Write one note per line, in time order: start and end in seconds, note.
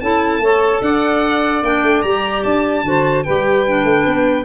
0.00 0.39 C#4
0.00 0.42 E4
0.00 0.41 A4
0.00 0.81 A5
0.39 0.79 A3
0.39 1.63 A4
0.39 0.82 C#5
0.81 1.62 D4
0.81 2.85 D5
0.81 1.63 F#5
1.62 1.82 A#3
1.62 2.04 D4
1.62 2.02 G5
1.83 2.03 A3
2.02 2.44 G3
2.02 2.83 G4
2.02 2.42 A#5
2.43 2.83 D4
2.43 3.23 A5
2.83 3.24 D3
2.83 3.24 F#4
2.83 3.24 C5
3.23 3.84 G3
3.23 3.67 G4
3.23 4.45 B4
3.23 4.45 G5
3.67 4.45 D4
3.84 4.04 A3
4.06 4.45 B3